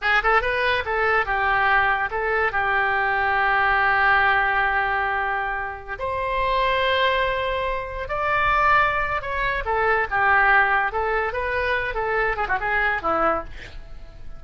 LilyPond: \new Staff \with { instrumentName = "oboe" } { \time 4/4 \tempo 4 = 143 gis'8 a'8 b'4 a'4 g'4~ | g'4 a'4 g'2~ | g'1~ | g'2~ g'16 c''4.~ c''16~ |
c''2.~ c''16 d''8.~ | d''2 cis''4 a'4 | g'2 a'4 b'4~ | b'8 a'4 gis'16 fis'16 gis'4 e'4 | }